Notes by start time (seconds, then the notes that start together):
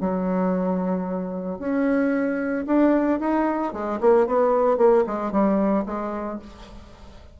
0.00 F#3
1.59 C#4
2.66 D4
3.19 D#4
3.72 G#3
4.00 A#3
4.26 B3
4.77 A#3
5.06 G#3
5.31 G3
5.86 G#3